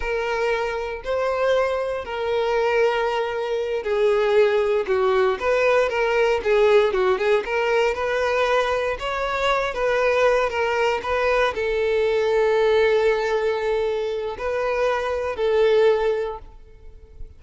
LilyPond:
\new Staff \with { instrumentName = "violin" } { \time 4/4 \tempo 4 = 117 ais'2 c''2 | ais'2.~ ais'8 gis'8~ | gis'4. fis'4 b'4 ais'8~ | ais'8 gis'4 fis'8 gis'8 ais'4 b'8~ |
b'4. cis''4. b'4~ | b'8 ais'4 b'4 a'4.~ | a'1 | b'2 a'2 | }